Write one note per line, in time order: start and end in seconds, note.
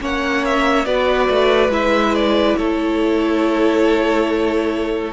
0.00 0.86 A#3
0.00 0.86 C#4
0.00 0.87 C#5
0.00 0.45 F#5
0.45 0.85 E5
0.85 1.29 B3
0.85 1.71 F#4
0.85 2.57 B4
0.85 1.71 D5
1.30 1.69 A3
1.69 2.54 G#3
1.69 5.13 E4
1.69 2.15 E5
2.15 2.57 D5
2.57 5.13 A3
2.57 5.13 A4
2.57 5.13 C#5